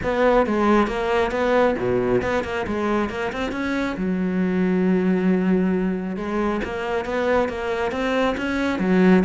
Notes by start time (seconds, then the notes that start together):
0.03 B3
0.46 G#3
0.87 A#3
1.31 B3
1.78 B2
2.22 B3
2.44 A#3
2.66 G#3
3.09 A#3
3.32 C4
3.51 C#4
3.96 F#3
6.16 G#3
6.64 A#3
7.05 B3
7.48 A#3
7.91 C4
8.37 C#4
8.79 F#3